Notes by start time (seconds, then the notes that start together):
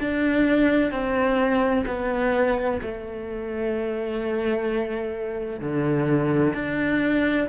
0.00 D4
0.91 C4
1.87 B3
2.81 A3
5.60 D3
6.54 D4